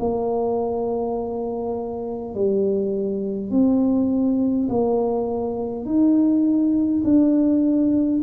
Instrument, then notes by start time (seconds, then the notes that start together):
tuba
0.00 A#3
2.34 G3
3.51 C4
4.69 A#3
5.86 D#4
7.04 D4